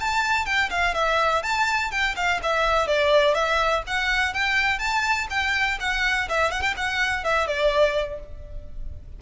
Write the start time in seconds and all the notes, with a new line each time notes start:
0.00 A5
0.46 G5
0.70 F5
0.95 E5
1.43 A5
1.91 G5
2.16 F5
2.43 E5
2.87 D5
3.34 E5
3.87 F#5
4.34 G5
4.79 A5
5.30 G5
5.80 F#5
6.29 E5
6.51 F#5
6.62 G5
6.77 F#5
7.24 E5
7.47 D5